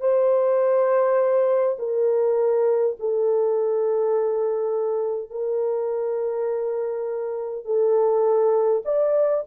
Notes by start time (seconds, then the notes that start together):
0.00 C5
1.78 A#4
2.99 A4
5.30 A#4
7.65 A4
8.84 D5